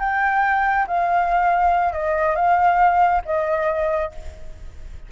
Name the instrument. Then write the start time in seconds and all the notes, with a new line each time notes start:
flute
0.00 G5
0.87 F5
1.93 D#5
2.36 F5
3.25 D#5